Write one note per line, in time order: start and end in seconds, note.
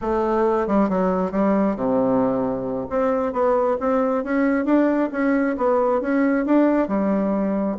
0.01 0.67 A3
0.67 0.89 G3
0.89 1.31 F#3
1.31 1.76 G3
1.76 2.87 C3
2.89 3.32 C4
3.32 3.77 B3
3.80 4.24 C4
4.24 4.65 C#4
4.65 5.09 D4
5.12 5.56 C#4
5.57 6.01 B3
6.01 6.45 C#4
6.45 6.88 D4
6.88 7.77 G3